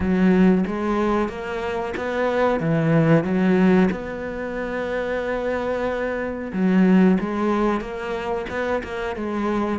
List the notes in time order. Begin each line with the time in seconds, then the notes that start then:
0.00 F#3
0.66 G#3
1.28 A#3
1.97 B3
2.60 E3
3.24 F#3
3.91 B3
6.52 F#3
7.19 G#3
7.81 A#3
8.49 B3
8.83 A#3
9.16 G#3